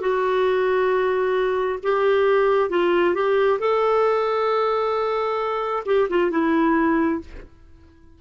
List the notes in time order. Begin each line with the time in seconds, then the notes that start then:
0.00 F#4
1.83 G4
2.69 F4
3.14 G4
3.59 A4
5.85 G4
6.09 F4
6.31 E4